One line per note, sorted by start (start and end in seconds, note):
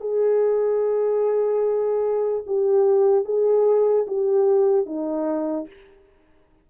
0.00 2.43 G#4
2.46 3.25 G4
3.25 4.06 G#4
4.07 4.86 G4
4.86 5.67 D#4